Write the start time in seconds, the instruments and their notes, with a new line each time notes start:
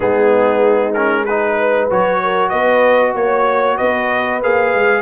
0.00 tuba G#3, trombone B3, horn D#4, trumpet G#4
0.93 trombone C#4, trumpet A#4
1.24 trombone D#4, horn G#4, trumpet B4
1.59 horn B4
1.90 tuba F#3, trombone F#4, trumpet C#5
2.23 horn A#4
2.49 tuba B3, horn B4, trumpet D#5
3.14 tuba A#3, trumpet C#5, horn C#5
3.77 tuba B3, horn B4, trumpet D#5
4.42 tuba A#3, trombone G#4, trumpet F5
4.73 tuba G#3